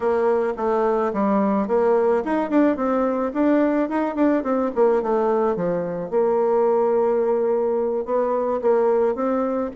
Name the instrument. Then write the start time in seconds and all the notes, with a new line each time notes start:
bassoon
0.00 A#3
0.56 A3
1.13 G3
1.67 A#3
2.24 D#4
2.50 D4
2.76 C4
3.33 D4
3.89 D#4
4.15 D4
4.43 C4
4.75 A#3
5.02 A3
5.56 F3
6.10 A#3
8.05 B3
8.61 A#3
9.15 C4